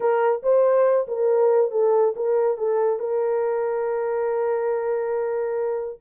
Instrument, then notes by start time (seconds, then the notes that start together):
horn
0.00 A#4
0.42 C5
1.07 A#4
1.71 A4
2.16 A#4
2.57 A4
2.99 A#4